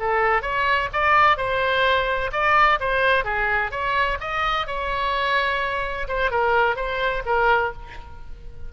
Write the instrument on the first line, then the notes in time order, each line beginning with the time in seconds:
oboe
0.00 A4
0.43 C#5
0.93 D5
1.37 C5
2.33 D5
2.81 C5
3.25 G#4
3.72 C#5
4.21 D#5
4.67 C#5
6.08 C5
6.31 A#4
6.76 C5
7.26 A#4